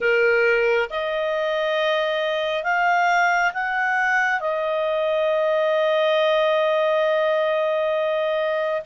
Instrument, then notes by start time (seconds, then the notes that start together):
clarinet
0.00 A#4
0.89 D#5
2.63 F5
3.53 F#5
4.40 D#5